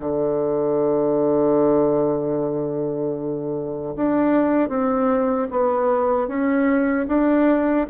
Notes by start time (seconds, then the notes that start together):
0.00 D3
3.96 D4
4.69 C4
5.51 B3
6.28 C#4
7.08 D4